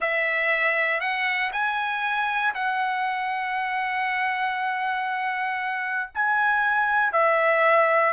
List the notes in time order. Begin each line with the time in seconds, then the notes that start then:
0.00 E5
1.00 F#5
1.52 G#5
2.54 F#5
6.14 G#5
7.12 E5